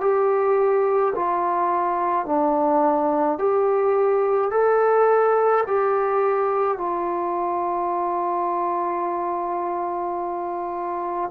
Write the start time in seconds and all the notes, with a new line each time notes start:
0.00 G4
1.15 F4
2.25 D4
3.38 G4
4.51 A4
5.67 G4
6.77 F4